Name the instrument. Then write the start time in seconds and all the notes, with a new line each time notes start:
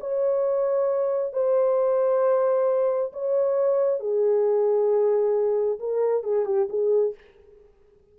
horn
0.00 C#5
1.33 C5
3.12 C#5
4.00 G#4
5.79 A#4
6.23 G#4
6.45 G4
6.69 G#4